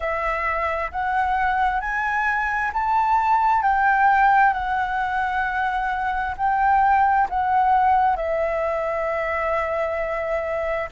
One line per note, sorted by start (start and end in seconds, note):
0.00 0.91 E5
0.91 1.80 F#5
1.80 2.71 G#5
2.73 3.62 A5
3.62 4.53 G5
4.53 6.35 F#5
6.37 7.28 G5
7.29 8.16 F#5
8.16 10.88 E5